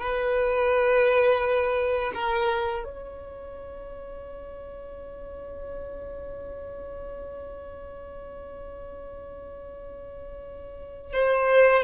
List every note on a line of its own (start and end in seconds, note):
0.00 2.12 B4
2.14 2.84 A#4
2.84 11.12 C#5
11.12 11.83 C5